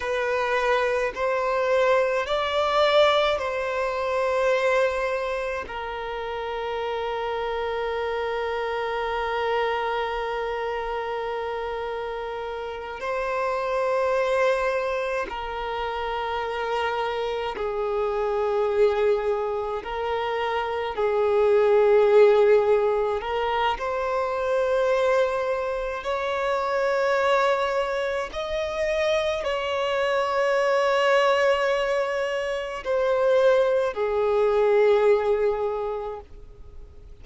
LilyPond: \new Staff \with { instrumentName = "violin" } { \time 4/4 \tempo 4 = 53 b'4 c''4 d''4 c''4~ | c''4 ais'2.~ | ais'2.~ ais'8 c''8~ | c''4. ais'2 gis'8~ |
gis'4. ais'4 gis'4.~ | gis'8 ais'8 c''2 cis''4~ | cis''4 dis''4 cis''2~ | cis''4 c''4 gis'2 | }